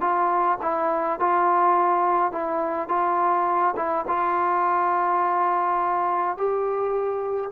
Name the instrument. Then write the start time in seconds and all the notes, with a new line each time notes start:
trombone
0.00 F4
0.62 E4
1.19 F4
2.32 E4
2.88 F4
3.76 E4
4.07 F4
6.37 G4